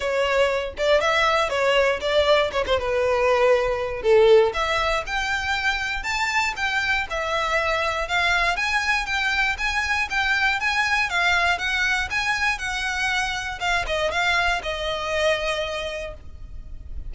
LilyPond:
\new Staff \with { instrumentName = "violin" } { \time 4/4 \tempo 4 = 119 cis''4. d''8 e''4 cis''4 | d''4 cis''16 c''16 b'2~ b'8 | a'4 e''4 g''2 | a''4 g''4 e''2 |
f''4 gis''4 g''4 gis''4 | g''4 gis''4 f''4 fis''4 | gis''4 fis''2 f''8 dis''8 | f''4 dis''2. | }